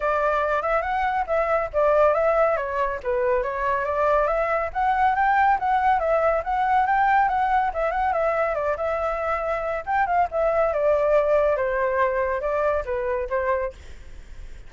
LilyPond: \new Staff \with { instrumentName = "flute" } { \time 4/4 \tempo 4 = 140 d''4. e''8 fis''4 e''4 | d''4 e''4 cis''4 b'4 | cis''4 d''4 e''4 fis''4 | g''4 fis''4 e''4 fis''4 |
g''4 fis''4 e''8 fis''8 e''4 | d''8 e''2~ e''8 g''8 f''8 | e''4 d''2 c''4~ | c''4 d''4 b'4 c''4 | }